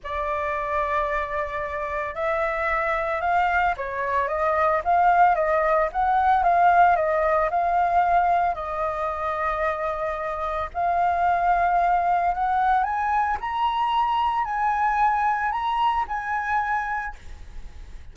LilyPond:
\new Staff \with { instrumentName = "flute" } { \time 4/4 \tempo 4 = 112 d''1 | e''2 f''4 cis''4 | dis''4 f''4 dis''4 fis''4 | f''4 dis''4 f''2 |
dis''1 | f''2. fis''4 | gis''4 ais''2 gis''4~ | gis''4 ais''4 gis''2 | }